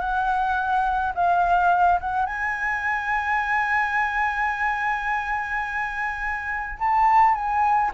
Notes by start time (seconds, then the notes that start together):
0.00 F#5
1.15 F5
2.01 F#5
2.27 G#5
6.80 A5
7.35 G#5